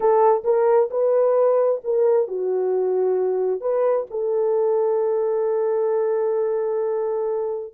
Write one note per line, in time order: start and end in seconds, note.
0.00 0.43 A4
0.44 0.89 A#4
0.90 1.81 B4
1.84 2.27 A#4
2.27 3.61 F#4
3.61 4.06 B4
4.10 7.74 A4